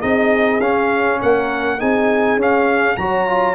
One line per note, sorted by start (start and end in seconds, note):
0.00 0.60 C4
0.00 0.61 D#4
0.00 1.19 G#4
0.00 0.61 D#5
0.60 1.20 C#4
0.60 1.79 C#4
0.60 1.20 F5
1.21 1.82 A#3
1.21 1.79 A#4
1.21 1.81 F#5
1.79 2.37 C4
1.79 2.39 D#4
1.79 2.97 G#4
1.79 2.40 G#5
2.37 2.96 C#4
2.37 2.98 C#4
2.37 2.97 F5
2.97 3.55 F#3
2.97 3.28 F#4
2.97 3.55 C#5
2.97 3.55 A#5
3.28 3.55 F4